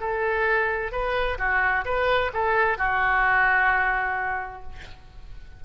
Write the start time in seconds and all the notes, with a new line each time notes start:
0.00 A4
0.92 B4
1.39 F#4
1.85 B4
2.34 A4
2.78 F#4